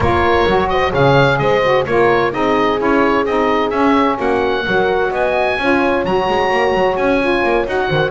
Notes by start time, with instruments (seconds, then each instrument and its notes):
0.00 double bass A#3, saxophone F4, horn A#4, oboe C#5
0.46 double bass F#3, saxophone F#4
0.69 horn C5, oboe D#5
0.91 double bass C#3, saxophone G#4, horn C#5, oboe F5
1.38 double bass G#3, horn C5, oboe D#5
1.62 saxophone F#4
1.86 double bass A#3, saxophone F4, horn A#4, oboe C#5
2.31 double bass C4, saxophone D#4, horn G#4, oboe D#5
2.78 double bass C#4, saxophone E4, oboe C#5
3.25 double bass C4, saxophone D#4, oboe D#5
3.69 double bass C#4, saxophone C#4, oboe E5
4.17 double bass A#3, horn F#4, oboe F#5
4.65 double bass F#3, saxophone F#4, horn A#4
5.10 double bass B3, horn D#5, oboe G#5
5.57 double bass C#4, saxophone F4, horn C#5
6.04 double bass F#3, saxophone F#4, oboe A#5
6.28 double bass G#3
6.51 double bass A#3
6.73 double bass F#3
6.96 double bass C#4, oboe G#5
7.20 saxophone F4
7.43 double bass A#3
7.66 double bass D#4, saxophone F#4, oboe F#5
7.88 double bass D#3, horn C5